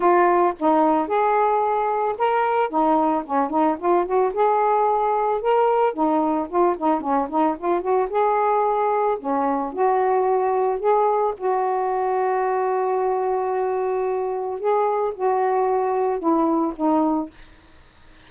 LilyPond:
\new Staff \with { instrumentName = "saxophone" } { \time 4/4 \tempo 4 = 111 f'4 dis'4 gis'2 | ais'4 dis'4 cis'8 dis'8 f'8 fis'8 | gis'2 ais'4 dis'4 | f'8 dis'8 cis'8 dis'8 f'8 fis'8 gis'4~ |
gis'4 cis'4 fis'2 | gis'4 fis'2.~ | fis'2. gis'4 | fis'2 e'4 dis'4 | }